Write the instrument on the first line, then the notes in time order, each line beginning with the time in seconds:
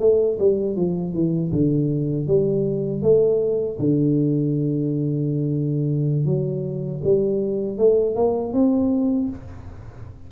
tuba
0.00 A3
0.39 G3
0.77 F3
1.14 E3
1.52 D3
2.28 G3
3.02 A3
3.79 D3
6.26 F#3
7.04 G3
7.78 A3
8.15 A#3
8.53 C4